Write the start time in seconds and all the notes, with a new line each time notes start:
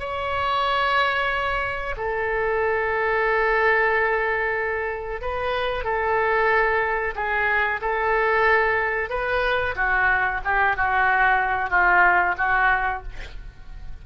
0.00 C#5
1.97 A4
5.21 B4
5.84 A4
7.16 G#4
7.82 A4
9.10 B4
9.76 F#4
10.45 G4
10.77 F#4
11.70 F4
12.38 F#4